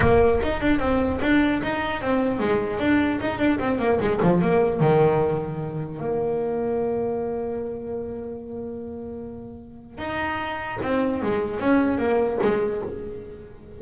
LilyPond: \new Staff \with { instrumentName = "double bass" } { \time 4/4 \tempo 4 = 150 ais4 dis'8 d'8 c'4 d'4 | dis'4 c'4 gis4 d'4 | dis'8 d'8 c'8 ais8 gis8 f8 ais4 | dis2. ais4~ |
ais1~ | ais1~ | ais4 dis'2 c'4 | gis4 cis'4 ais4 gis4 | }